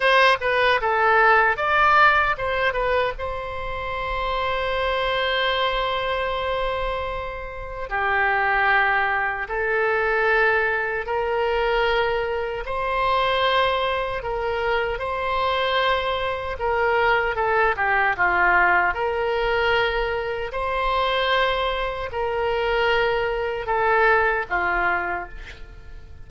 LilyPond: \new Staff \with { instrumentName = "oboe" } { \time 4/4 \tempo 4 = 76 c''8 b'8 a'4 d''4 c''8 b'8 | c''1~ | c''2 g'2 | a'2 ais'2 |
c''2 ais'4 c''4~ | c''4 ais'4 a'8 g'8 f'4 | ais'2 c''2 | ais'2 a'4 f'4 | }